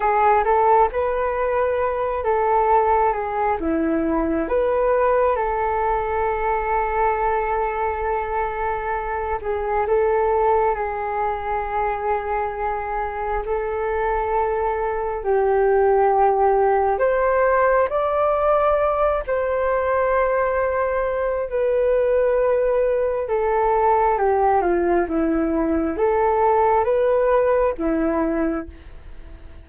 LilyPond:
\new Staff \with { instrumentName = "flute" } { \time 4/4 \tempo 4 = 67 gis'8 a'8 b'4. a'4 gis'8 | e'4 b'4 a'2~ | a'2~ a'8 gis'8 a'4 | gis'2. a'4~ |
a'4 g'2 c''4 | d''4. c''2~ c''8 | b'2 a'4 g'8 f'8 | e'4 a'4 b'4 e'4 | }